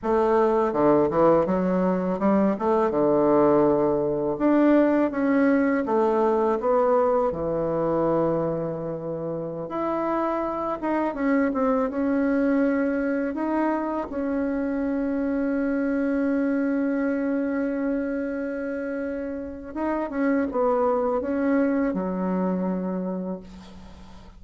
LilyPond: \new Staff \with { instrumentName = "bassoon" } { \time 4/4 \tempo 4 = 82 a4 d8 e8 fis4 g8 a8 | d2 d'4 cis'4 | a4 b4 e2~ | e4~ e16 e'4. dis'8 cis'8 c'16~ |
c'16 cis'2 dis'4 cis'8.~ | cis'1~ | cis'2. dis'8 cis'8 | b4 cis'4 fis2 | }